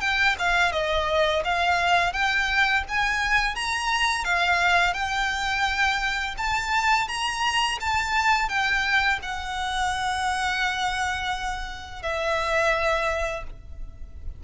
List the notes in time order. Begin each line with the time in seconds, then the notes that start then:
0.00 G5
0.39 F5
0.72 D#5
1.44 F5
2.13 G5
2.88 G#5
3.55 A#5
4.24 F5
4.93 G5
6.38 A5
7.08 A#5
7.80 A5
8.49 G5
9.22 F#5
12.02 E5